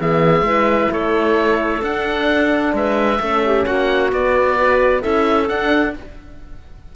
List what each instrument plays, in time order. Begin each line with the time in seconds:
0.00 cello E3, horn B3, clarinet G#4, oboe E5
0.42 cello G#3, horn E4, clarinet B4
0.91 cello A3, clarinet A4, oboe C#5
1.82 cello D4, horn D4, oboe F#5
2.73 cello G#3, clarinet B4, oboe E5
3.20 cello A3, horn C#4, clarinet A4
3.46 clarinet G4
3.65 cello A#3, clarinet F#4, oboe F#5
4.12 horn B3, cello B3, oboe D5
4.57 horn F#4, clarinet B4
5.02 cello C#4, horn E4, clarinet A4, oboe E5
5.48 horn D4, cello D4, oboe F#5